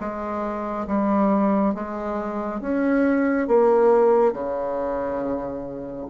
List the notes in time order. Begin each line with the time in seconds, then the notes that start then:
0.00 G#3
0.87 G3
1.74 G#3
2.61 C#4
3.47 A#3
4.33 C#3